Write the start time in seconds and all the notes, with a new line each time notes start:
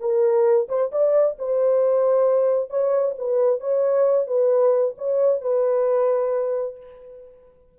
0.00 A#4
0.68 C5
0.92 D5
1.39 C5
2.70 C#5
3.18 B4
3.60 C#5
4.27 B4
4.98 C#5
5.41 B4